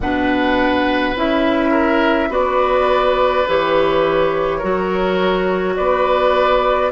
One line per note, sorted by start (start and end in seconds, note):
0.00 1.15 B2
0.00 1.16 D4
0.00 1.70 B4
0.00 1.16 F#5
1.15 2.28 C#4
1.15 2.29 E4
1.15 2.32 E5
1.70 2.28 A#4
2.28 3.44 B3
2.28 3.44 F#4
2.28 4.58 B4
2.28 3.48 D5
3.47 4.62 E3
3.47 4.62 G4
3.47 5.76 C#5
4.58 5.78 F#3
4.58 6.91 F#4
4.58 5.73 A#4
5.76 6.91 B3
5.76 6.91 B4
5.76 6.91 D5